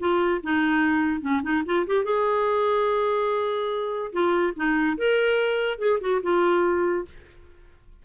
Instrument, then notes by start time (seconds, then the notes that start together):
clarinet
0.00 F4
0.43 D#4
1.21 C#4
1.43 D#4
1.66 F4
1.87 G4
2.05 G#4
4.12 F4
4.56 D#4
4.98 A#4
5.79 G#4
6.01 F#4
6.23 F4